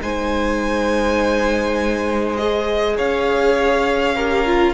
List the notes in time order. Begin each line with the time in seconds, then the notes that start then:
0.00 G#3 D#4 C5 G#5
2.37 G#4 D#5
2.97 C#4 C#5 F5
4.16 G4 A#4
4.46 F4